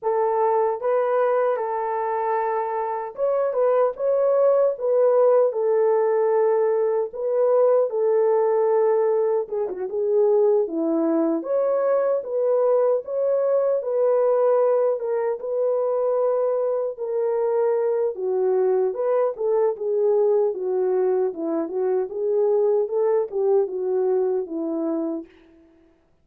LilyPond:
\new Staff \with { instrumentName = "horn" } { \time 4/4 \tempo 4 = 76 a'4 b'4 a'2 | cis''8 b'8 cis''4 b'4 a'4~ | a'4 b'4 a'2 | gis'16 fis'16 gis'4 e'4 cis''4 b'8~ |
b'8 cis''4 b'4. ais'8 b'8~ | b'4. ais'4. fis'4 | b'8 a'8 gis'4 fis'4 e'8 fis'8 | gis'4 a'8 g'8 fis'4 e'4 | }